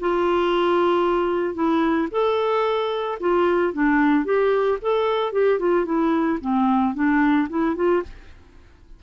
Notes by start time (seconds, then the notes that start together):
0.00 F4
1.55 E4
2.12 A4
3.20 F4
3.73 D4
4.25 G4
4.82 A4
5.33 G4
5.60 F4
5.86 E4
6.41 C4
6.95 D4
7.50 E4
7.76 F4